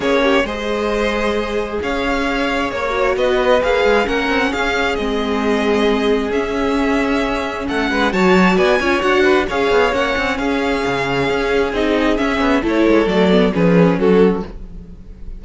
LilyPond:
<<
  \new Staff \with { instrumentName = "violin" } { \time 4/4 \tempo 4 = 133 cis''4 dis''2. | f''2 cis''4 dis''4 | f''4 fis''4 f''4 dis''4~ | dis''2 e''2~ |
e''4 fis''4 a''4 gis''4 | fis''4 f''4 fis''4 f''4~ | f''2 dis''4 e''4 | cis''4 d''4 b'4 a'4 | }
  \new Staff \with { instrumentName = "violin" } { \time 4/4 gis'8 g'8 c''2. | cis''2. b'4~ | b'4 ais'4 gis'2~ | gis'1~ |
gis'4 a'8 b'8 cis''4 d''8 cis''8~ | cis''8 b'8 cis''2 gis'4~ | gis'1 | a'2 gis'4 fis'4 | }
  \new Staff \with { instrumentName = "viola" } { \time 4/4 cis'4 gis'2.~ | gis'2~ gis'8 fis'4. | gis'4 cis'2 c'4~ | c'2 cis'2~ |
cis'2 fis'4. f'8 | fis'4 gis'4 cis'2~ | cis'2 dis'4 cis'4 | e'4 a8 b8 cis'2 | }
  \new Staff \with { instrumentName = "cello" } { \time 4/4 ais4 gis2. | cis'2 ais4 b4 | ais8 gis8 ais8 c'8 cis'4 gis4~ | gis2 cis'2~ |
cis'4 a8 gis8 fis4 b8 cis'8 | d'4 cis'8 b8 ais8 c'8 cis'4 | cis4 cis'4 c'4 cis'8 b8 | a8 gis8 fis4 f4 fis4 | }
>>